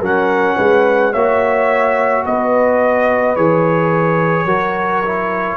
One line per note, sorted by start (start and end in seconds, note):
0.00 0.56 F#3
0.00 1.14 C#4
0.00 0.56 A#4
0.00 1.13 F#5
0.57 1.14 G#3
0.57 1.12 B4
1.12 2.25 A#3
1.12 3.36 F#4
1.12 2.23 C#5
1.12 2.24 E5
2.25 3.37 B3
2.25 4.46 B4
2.25 3.36 D#5
3.36 4.45 E3
3.36 4.47 G#4
3.36 5.56 C#5
4.45 5.56 F#3
4.45 5.03 F#4
4.45 5.56 A#4
5.05 5.56 E4